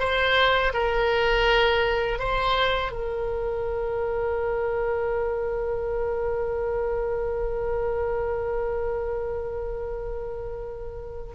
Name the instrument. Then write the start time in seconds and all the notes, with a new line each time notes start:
oboe
0.00 C5
0.74 A#4
2.20 C5
2.92 A#4